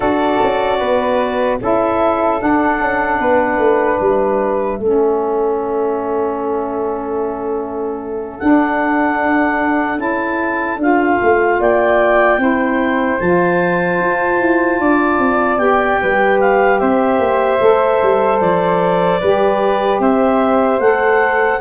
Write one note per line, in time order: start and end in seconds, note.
0.00 0.40 D4
0.00 1.58 F#4
0.00 0.77 A4
0.00 1.58 D5
0.42 0.80 C#4
0.79 1.60 B3
0.79 1.59 B4
1.60 2.41 C#4
1.60 2.38 E4
1.60 3.20 A4
1.60 2.41 E5
2.38 4.78 D4
2.38 2.80 D4
2.38 4.00 F#5
2.80 3.19 C#4
3.19 3.58 B3
3.19 4.77 B4
3.58 3.98 A3
4.00 4.79 G3
4.00 8.39 E5
4.77 8.39 A3
4.77 8.39 C#4
4.77 11.57 A4
8.39 9.97 D4
8.39 9.98 D4
8.39 9.99 F#5
9.97 10.77 C#4
9.97 10.77 E4
9.97 10.79 A5
10.77 11.17 D4
10.77 12.38 F4
10.77 11.61 F5
11.22 11.59 A3
11.59 12.38 A#3
11.59 12.39 D5
11.59 13.20 G5
12.38 13.18 C4
12.38 13.18 E4
12.38 14.79 C5
13.20 14.00 F3
13.20 15.58 F4
13.20 15.58 A5
14.00 14.39 F4
14.39 14.79 E4
14.79 15.18 D4
14.79 15.99 D5
15.18 15.58 C4
15.58 15.98 B3
15.58 17.58 G4
15.58 16.38 G5
16.01 16.81 G3
16.01 16.80 B4
16.40 16.78 F5
16.78 17.19 C4
16.78 19.20 C5
16.78 18.38 E5
17.19 17.59 A#3
17.60 18.01 A3
17.60 19.20 A4
18.02 18.41 G3
18.40 19.21 F3
18.40 20.00 D5
19.20 19.99 G3
19.20 20.80 G4
19.20 20.00 B4
19.99 20.79 C4
19.99 21.60 C5
19.99 20.80 E5
20.79 21.59 A3
20.79 21.60 A4
20.79 21.60 F#5